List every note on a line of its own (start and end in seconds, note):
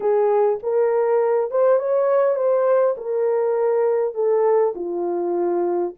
0.00 0.59 G#4
0.62 1.50 A#4
1.50 1.79 C5
1.79 2.35 C#5
2.35 2.95 C5
2.97 4.14 A#4
4.14 4.73 A4
4.75 5.94 F4